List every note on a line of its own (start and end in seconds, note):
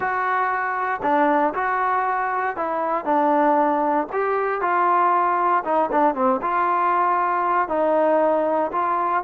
0.00 1.00 F#4
1.02 1.53 D4
1.54 2.56 F#4
2.56 3.04 E4
3.04 4.07 D4
4.12 4.61 G4
4.61 5.63 F4
5.64 5.90 D#4
5.91 6.14 D4
6.14 6.40 C4
6.41 7.68 F4
7.68 8.71 D#4
8.72 9.23 F4